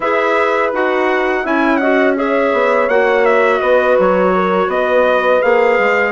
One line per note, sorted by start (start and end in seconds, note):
0.00 0.72 E4
0.00 0.73 G#4
0.00 1.43 B4
0.00 0.73 E5
0.72 1.45 D#4
0.72 1.44 F#4
0.72 1.46 F#5
1.43 2.53 C#4
1.43 1.80 E4
1.43 1.79 E5
1.43 1.76 G#5
1.76 2.16 F#4
1.76 2.16 D#5
1.76 2.12 F#5
2.16 2.88 G#4
2.16 3.61 C#5
2.16 2.89 E5
2.53 2.88 B3
2.88 3.60 A#3
2.88 5.41 F#4
2.88 3.25 F#5
3.25 3.60 E5
3.60 3.97 B3
3.60 4.33 B4
3.60 3.96 D#5
3.98 4.67 F#3
3.98 4.70 C#5
4.34 4.70 A#4
4.67 5.40 B3
4.67 6.12 B4
4.67 5.42 D#5
5.41 5.78 A#3
5.41 6.12 G#4
5.41 6.12 F5
5.78 6.12 G#3